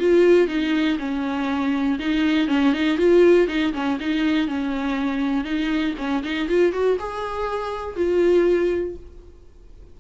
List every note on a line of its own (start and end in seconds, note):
0.00 0.48 F4
0.48 0.98 D#4
0.99 1.99 C#4
2.00 2.49 D#4
2.49 2.74 C#4
2.74 2.98 D#4
2.98 3.48 F4
3.48 3.73 D#4
3.74 3.99 C#4
4.00 4.48 D#4
4.48 5.45 C#4
5.45 5.95 D#4
5.98 6.23 C#4
6.24 6.49 D#4
6.49 6.73 F4
6.73 6.98 F#4
7.00 7.97 G#4
7.97 8.97 F4